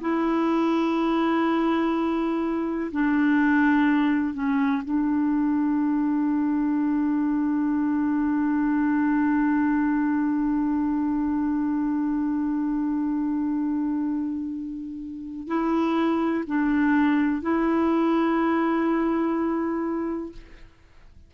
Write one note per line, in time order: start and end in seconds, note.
0.00 2.90 E4
2.91 4.33 D4
4.33 4.82 C#4
4.84 15.47 D4
15.47 16.44 E4
16.46 17.41 D4
17.41 20.32 E4